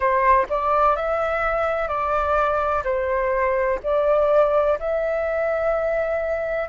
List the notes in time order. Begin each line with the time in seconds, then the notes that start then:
0.00 C5
0.49 D5
0.95 E5
1.87 D5
2.84 C5
3.83 D5
4.79 E5